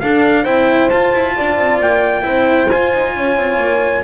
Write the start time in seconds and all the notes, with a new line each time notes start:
0.00 D4 A4 F5
0.43 C4 E4 C5 G5
0.89 F4 A5
1.14 E4
1.36 D4 D5
1.58 C4
1.80 A#3 G5
2.22 C4 E4 C5
2.70 F4 G#5
2.94 D#4
3.16 C#4 C#5
3.37 C4
3.58 A#3